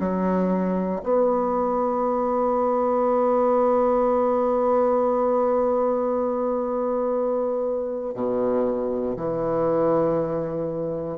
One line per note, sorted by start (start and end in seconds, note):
0.00 1.02 F#3
1.04 8.15 B3
8.15 9.17 B2
9.17 11.19 E3